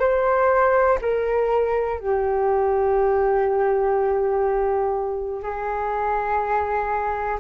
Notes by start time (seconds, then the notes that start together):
0.00 C5
1.01 A#4
2.00 G4
5.43 G#4